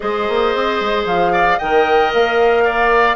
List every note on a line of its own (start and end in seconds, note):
0.00 0.28 G#3
0.00 1.59 G#4
0.00 1.32 C5
0.00 1.04 D#5
0.28 0.55 A#3
0.55 0.80 C4
0.80 1.05 G#3
1.05 1.58 F3
1.05 1.58 F5
1.32 1.57 D5
1.57 2.13 D#3
1.57 3.15 A#4
1.57 2.64 D#5
1.57 2.12 G5
2.13 3.15 A#3
2.13 3.15 F5
2.64 3.15 D5